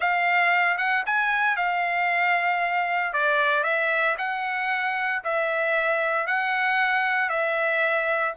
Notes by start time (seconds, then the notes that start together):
0.00 F5
0.77 F#5
1.06 G#5
1.56 F5
3.13 D5
3.63 E5
4.18 F#5
5.23 E5
6.26 F#5
7.29 E5